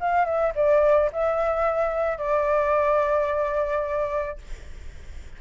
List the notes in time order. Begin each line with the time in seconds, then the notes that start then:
0.00 F5
0.25 E5
0.55 D5
1.12 E5
2.18 D5